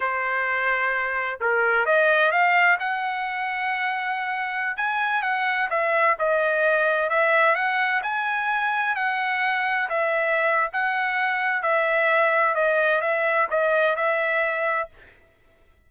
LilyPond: \new Staff \with { instrumentName = "trumpet" } { \time 4/4 \tempo 4 = 129 c''2. ais'4 | dis''4 f''4 fis''2~ | fis''2~ fis''16 gis''4 fis''8.~ | fis''16 e''4 dis''2 e''8.~ |
e''16 fis''4 gis''2 fis''8.~ | fis''4~ fis''16 e''4.~ e''16 fis''4~ | fis''4 e''2 dis''4 | e''4 dis''4 e''2 | }